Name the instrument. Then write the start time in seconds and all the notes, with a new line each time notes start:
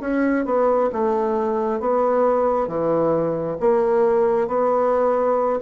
bassoon
0.00 C#4
0.45 B3
0.92 A3
1.80 B3
2.67 E3
3.60 A#3
4.47 B3